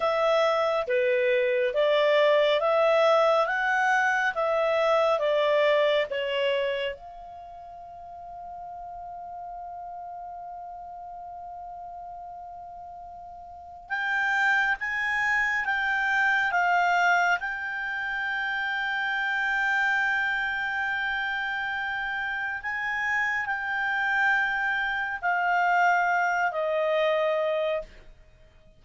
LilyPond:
\new Staff \with { instrumentName = "clarinet" } { \time 4/4 \tempo 4 = 69 e''4 b'4 d''4 e''4 | fis''4 e''4 d''4 cis''4 | f''1~ | f''1 |
g''4 gis''4 g''4 f''4 | g''1~ | g''2 gis''4 g''4~ | g''4 f''4. dis''4. | }